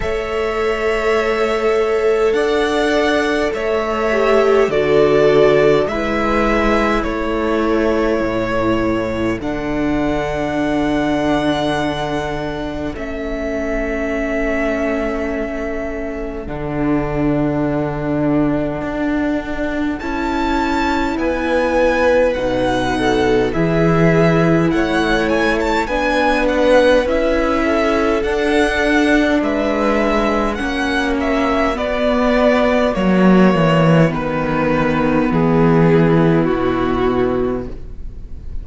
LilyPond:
<<
  \new Staff \with { instrumentName = "violin" } { \time 4/4 \tempo 4 = 51 e''2 fis''4 e''4 | d''4 e''4 cis''2 | fis''2. e''4~ | e''2 fis''2~ |
fis''4 a''4 gis''4 fis''4 | e''4 fis''8 gis''16 a''16 gis''8 fis''8 e''4 | fis''4 e''4 fis''8 e''8 d''4 | cis''4 b'4 gis'4 fis'4 | }
  \new Staff \with { instrumentName = "violin" } { \time 4/4 cis''2 d''4 cis''4 | a'4 b'4 a'2~ | a'1~ | a'1~ |
a'2 b'4. a'8 | gis'4 cis''4 b'4. a'8~ | a'4 b'4 fis'2~ | fis'2~ fis'8 e'4. | }
  \new Staff \with { instrumentName = "viola" } { \time 4/4 a'2.~ a'8 g'8 | fis'4 e'2. | d'2. cis'4~ | cis'2 d'2~ |
d'4 e'2 dis'4 | e'2 d'4 e'4 | d'2 cis'4 b4 | ais4 b2. | }
  \new Staff \with { instrumentName = "cello" } { \time 4/4 a2 d'4 a4 | d4 gis4 a4 a,4 | d2. a4~ | a2 d2 |
d'4 cis'4 b4 b,4 | e4 a4 b4 cis'4 | d'4 gis4 ais4 b4 | fis8 e8 dis4 e4 b,4 | }
>>